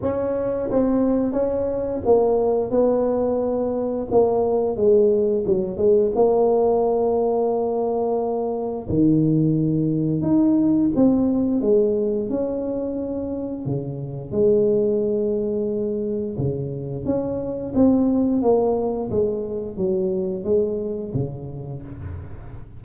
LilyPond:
\new Staff \with { instrumentName = "tuba" } { \time 4/4 \tempo 4 = 88 cis'4 c'4 cis'4 ais4 | b2 ais4 gis4 | fis8 gis8 ais2.~ | ais4 dis2 dis'4 |
c'4 gis4 cis'2 | cis4 gis2. | cis4 cis'4 c'4 ais4 | gis4 fis4 gis4 cis4 | }